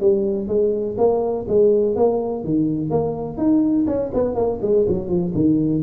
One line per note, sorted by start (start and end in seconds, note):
0.00 0.48 G3
0.48 0.96 G#3
0.98 1.46 A#3
1.48 1.96 G#3
1.96 2.44 A#3
2.44 2.90 D#3
2.90 3.37 A#3
3.37 3.86 D#4
3.87 4.11 C#4
4.14 4.35 B3
4.35 4.59 A#3
4.62 4.86 G#3
4.88 5.08 F#3
5.08 5.32 F3
5.34 5.83 D#3